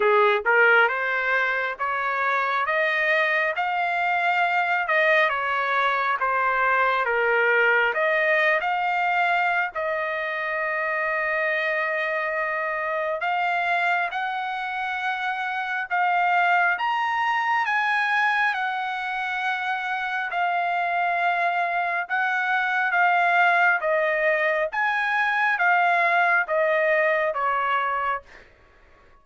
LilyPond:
\new Staff \with { instrumentName = "trumpet" } { \time 4/4 \tempo 4 = 68 gis'8 ais'8 c''4 cis''4 dis''4 | f''4. dis''8 cis''4 c''4 | ais'4 dis''8. f''4~ f''16 dis''4~ | dis''2. f''4 |
fis''2 f''4 ais''4 | gis''4 fis''2 f''4~ | f''4 fis''4 f''4 dis''4 | gis''4 f''4 dis''4 cis''4 | }